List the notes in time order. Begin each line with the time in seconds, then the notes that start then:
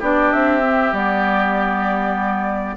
0.00 B3 D4 G4 D5
0.33 C4 E5
0.62 C4
0.93 G3 B3 D5